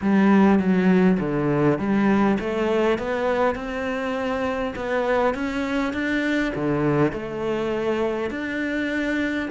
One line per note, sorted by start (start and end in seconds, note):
0.01 0.59 G3
0.59 1.18 F#3
1.19 1.78 D3
1.78 2.38 G3
2.39 2.98 A3
2.98 3.55 B3
3.55 4.74 C4
4.75 5.34 B3
5.34 5.93 C#4
5.93 6.52 D4
6.55 7.12 D3
7.12 8.30 A3
8.30 9.49 D4